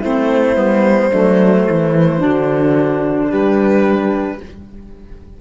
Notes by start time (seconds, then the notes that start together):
0.00 A3 C4 E4 C5
0.56 G3 B3
1.11 F#3 A3 D4
1.67 E3 E4
2.19 D3 D4 F#4
3.30 G3 G4 B4